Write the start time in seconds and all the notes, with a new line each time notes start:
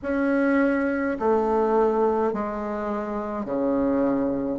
0.02 C#4
1.19 A3
2.33 G#3
3.45 C#3